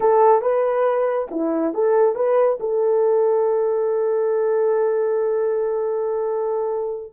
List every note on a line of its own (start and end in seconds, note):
0.00 0.41 A4
0.41 1.27 B4
1.30 1.73 E4
1.74 2.15 A4
2.15 2.58 B4
2.60 7.13 A4